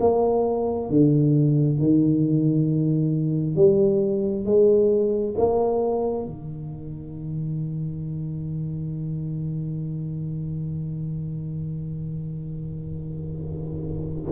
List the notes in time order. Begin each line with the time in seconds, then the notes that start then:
0.00 A#3
0.90 D3
1.78 D#3
3.56 G3
4.45 G#3
5.37 A#3
6.26 D#3